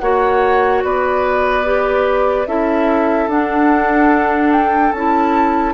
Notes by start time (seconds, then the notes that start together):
0.00 A#3 F#4 C#5 F#5
0.84 B3 B4 D5
1.65 G4
2.47 C#4 E4 A4 E5
3.28 D4 F#5
4.52 G5
4.93 C#4 E4 A5